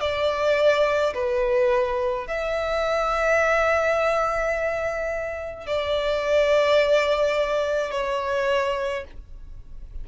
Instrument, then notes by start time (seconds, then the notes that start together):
violin
0.00 D5
1.14 B4
2.27 E5
5.66 D5
7.91 C#5